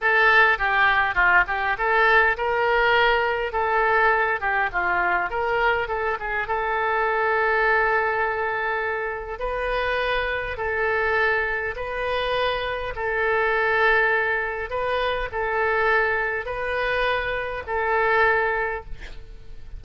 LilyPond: \new Staff \with { instrumentName = "oboe" } { \time 4/4 \tempo 4 = 102 a'4 g'4 f'8 g'8 a'4 | ais'2 a'4. g'8 | f'4 ais'4 a'8 gis'8 a'4~ | a'1 |
b'2 a'2 | b'2 a'2~ | a'4 b'4 a'2 | b'2 a'2 | }